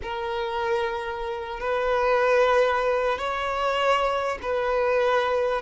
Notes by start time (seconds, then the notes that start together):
0.02 A#4
1.60 B4
3.18 C#5
4.42 B4